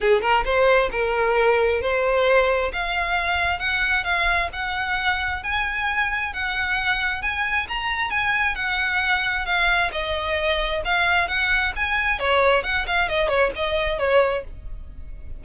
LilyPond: \new Staff \with { instrumentName = "violin" } { \time 4/4 \tempo 4 = 133 gis'8 ais'8 c''4 ais'2 | c''2 f''2 | fis''4 f''4 fis''2 | gis''2 fis''2 |
gis''4 ais''4 gis''4 fis''4~ | fis''4 f''4 dis''2 | f''4 fis''4 gis''4 cis''4 | fis''8 f''8 dis''8 cis''8 dis''4 cis''4 | }